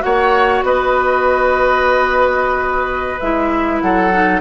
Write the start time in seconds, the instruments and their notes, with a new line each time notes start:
0.00 bassoon A#3, clarinet F#4, oboe C#5, flute F#5
0.62 bassoon B3, oboe B4, flute D#5
3.20 bassoon G#3, clarinet E4, flute E5
3.81 bassoon F#3, oboe A4, flute F#5
4.12 clarinet D#4